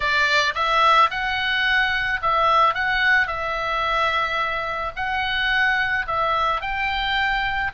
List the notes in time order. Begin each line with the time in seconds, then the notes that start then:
0.00 D5
0.55 E5
1.10 F#5
2.22 E5
2.74 F#5
3.27 E5
4.95 F#5
6.07 E5
6.61 G5